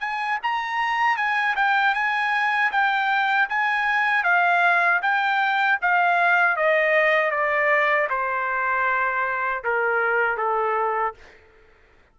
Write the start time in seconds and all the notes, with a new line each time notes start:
0.00 G#5
0.43 A#5
1.17 G#5
1.56 G5
1.94 G#5
2.72 G5
3.49 G#5
4.24 F5
5.02 G5
5.81 F5
6.56 D#5
7.31 D5
8.10 C5
9.64 A#4
10.37 A4